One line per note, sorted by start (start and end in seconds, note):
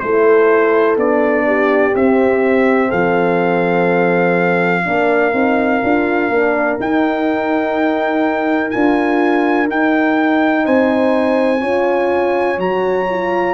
0.00 0.97 A3
0.00 0.97 E4
0.00 1.47 A4
0.00 0.97 C5
0.97 1.94 B3
0.97 1.94 D4
0.97 1.96 D5
1.47 2.89 G4
1.95 2.92 C4
1.95 4.85 C4
1.95 2.92 E5
2.89 4.86 F3
2.89 4.82 A4
2.89 6.79 F5
4.85 5.33 A#3
4.85 5.32 D4
4.85 10.65 A#4
5.32 5.82 C4
5.32 5.81 D#4
5.84 6.29 D4
5.84 6.32 F4
6.29 6.78 A#3
6.29 6.79 D4
6.79 8.72 D#4
6.79 8.74 D#4
6.79 8.71 G5
8.71 9.70 D4
8.71 9.67 F4
8.71 9.68 G#5
9.67 11.60 D#4
9.67 10.66 D#4
9.67 10.66 G5
10.65 11.64 C4
10.65 11.61 C5
10.65 12.60 G#5
11.61 12.58 C#4
11.61 12.58 F4
11.61 13.55 C#5
12.58 13.55 F#3
12.58 13.07 F#4
12.58 13.55 A#5
13.10 13.55 F4